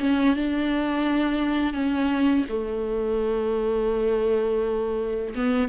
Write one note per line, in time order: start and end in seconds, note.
0.00 0.36 C#4
0.36 1.74 D4
1.74 2.45 C#4
2.49 5.35 A3
5.35 5.69 B3